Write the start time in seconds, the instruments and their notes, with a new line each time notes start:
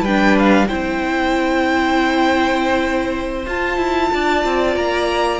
0.00 cello G3, violin B4 G5
0.06 viola D4
0.38 violin F5
0.67 cello C4, viola E4, violin C5 G5
3.46 cello F4, viola F4, violin A5
3.77 cello E4
4.13 cello D4, violin D5
4.44 cello C4
4.76 cello A#3, violin A#5